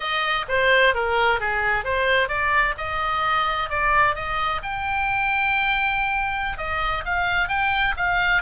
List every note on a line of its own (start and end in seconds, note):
0.00 0.45 D#5
0.48 0.94 C5
0.94 1.40 A#4
1.40 1.84 G#4
1.84 2.28 C5
2.28 2.74 D5
2.77 3.69 D#5
3.69 4.15 D5
4.15 4.61 D#5
4.63 6.57 G5
6.57 7.03 D#5
7.05 7.48 F5
7.48 7.94 G5
7.96 8.42 F5